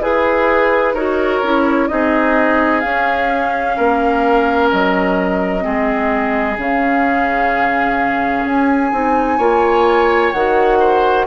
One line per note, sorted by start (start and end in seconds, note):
0.00 0.94 E4
0.00 0.95 G#4
0.00 0.94 G#4
0.00 0.95 B4
0.94 1.40 D#4
0.94 1.43 F#4
0.94 1.88 A#4
0.94 1.88 C#5
1.43 1.90 C#4
1.43 1.89 E4
1.88 2.84 C4
1.88 2.83 D#4
1.88 3.76 G#4
1.88 2.80 D#5
2.80 5.61 C#4
2.80 3.78 C#4
2.80 4.68 F5
3.76 4.72 A#3
3.76 5.64 A#4
4.71 5.66 F#3
4.71 6.58 D#5
5.61 6.57 G#3
5.61 6.54 C4
5.61 9.38 G#4
6.57 8.45 C#3
6.57 8.92 C#4
6.57 8.46 F5
8.45 8.92 C#4
8.45 10.32 G#5
8.92 9.38 C4
8.92 9.39 D#4
9.38 10.32 A#3
9.38 10.33 F4
9.38 10.78 C#5
10.32 11.27 D#3
10.32 11.27 F#4
10.32 11.26 F#5
10.79 11.26 C5